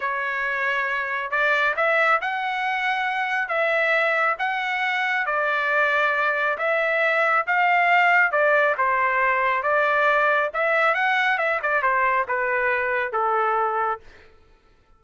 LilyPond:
\new Staff \with { instrumentName = "trumpet" } { \time 4/4 \tempo 4 = 137 cis''2. d''4 | e''4 fis''2. | e''2 fis''2 | d''2. e''4~ |
e''4 f''2 d''4 | c''2 d''2 | e''4 fis''4 e''8 d''8 c''4 | b'2 a'2 | }